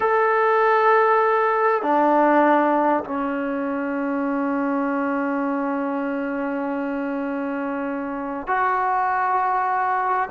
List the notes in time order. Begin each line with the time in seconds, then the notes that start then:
0.00 A4
1.82 D4
3.04 C#4
8.47 F#4